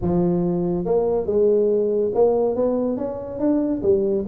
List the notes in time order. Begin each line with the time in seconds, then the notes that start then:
0.01 F3
0.85 A#3
1.26 G#3
2.14 A#3
2.55 B3
2.97 C#4
3.39 D4
3.82 G3